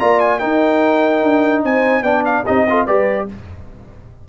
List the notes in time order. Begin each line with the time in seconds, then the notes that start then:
0.00 A#3 F4 D5 A#5
0.20 G#5
0.39 D#4 A#4 G5
1.23 D4
1.64 C4 C5 G#5
2.02 B3 D4 D5 G5
2.25 F5
2.44 C4 D#4 G4 D#5
2.70 F4 A4
2.86 G3 G4 B4 D5